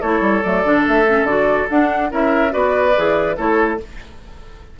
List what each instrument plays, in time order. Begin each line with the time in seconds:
0.00 bassoon A3, clarinet E4, oboe A4, flute C#5
0.20 bassoon G3
0.42 bassoon F#3, clarinet A3, flute D5
0.64 bassoon D3, clarinet D4
0.87 bassoon A3, flute E5
1.07 clarinet C#4
1.23 bassoon D3, clarinet F#4, flute D5
1.69 clarinet D4, bassoon D4, flute F#5
2.10 bassoon C#4, clarinet E4, oboe A#4, flute E5
2.50 bassoon B3, clarinet F#4, oboe B4, flute D5
2.96 bassoon E3, clarinet G#4
3.36 bassoon A3, clarinet E4, oboe A4, flute C#5